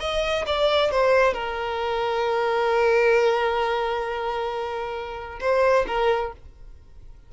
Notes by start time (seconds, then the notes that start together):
0.00 D#5
0.46 D5
0.91 C5
1.34 A#4
5.41 C5
5.87 A#4